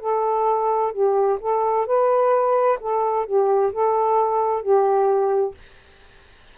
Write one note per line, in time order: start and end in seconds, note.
0.00 0.92 A4
0.92 1.38 G4
1.40 1.86 A4
1.87 2.79 B4
2.80 3.26 A4
3.26 3.72 G4
3.72 4.62 A4
4.62 5.55 G4